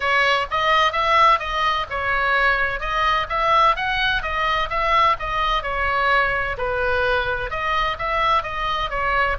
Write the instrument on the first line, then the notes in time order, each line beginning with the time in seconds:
oboe
0.00 C#5
0.50 D#5
0.92 E5
1.39 D#5
1.89 C#5
2.80 D#5
3.29 E5
3.76 F#5
4.22 D#5
4.69 E5
5.19 D#5
5.62 C#5
6.57 B4
7.50 D#5
7.98 E5
8.43 D#5
8.90 C#5